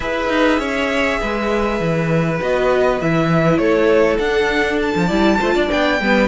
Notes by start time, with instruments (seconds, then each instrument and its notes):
0.00 cello E4, viola G#4, violin B4 E5
0.28 cello D#4
0.58 cello C#4, violin C#5
1.20 cello G#3, violin B4
1.80 cello E3
2.41 cello B3, viola F#4, violin D#5
3.00 cello E3, viola E4, violin E5
3.57 cello A3, violin A4 C#5
4.19 cello D4, viola D4, violin F#5
4.81 violin A5
4.95 cello F3
5.06 cello G3, viola E4, violin D5
5.39 cello A3, viola F4, violin C5
5.54 cello D4, violin D5
5.69 cello B3, viola D4, violin G5
6.00 cello G3, viola B3, violin B4